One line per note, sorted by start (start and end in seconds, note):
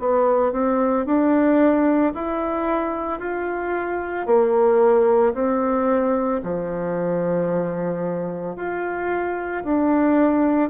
0.00 0.52 B3
0.52 1.06 C4
1.06 2.13 D4
2.15 3.20 E4
3.20 4.27 F4
4.27 5.34 A#3
5.34 6.41 C4
6.43 8.56 F3
8.56 9.63 F4
9.64 10.70 D4